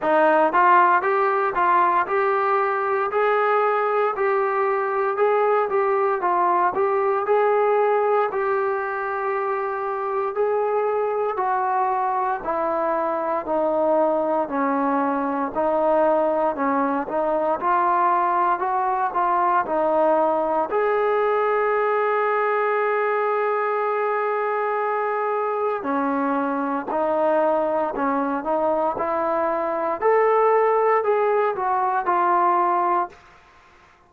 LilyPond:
\new Staff \with { instrumentName = "trombone" } { \time 4/4 \tempo 4 = 58 dis'8 f'8 g'8 f'8 g'4 gis'4 | g'4 gis'8 g'8 f'8 g'8 gis'4 | g'2 gis'4 fis'4 | e'4 dis'4 cis'4 dis'4 |
cis'8 dis'8 f'4 fis'8 f'8 dis'4 | gis'1~ | gis'4 cis'4 dis'4 cis'8 dis'8 | e'4 a'4 gis'8 fis'8 f'4 | }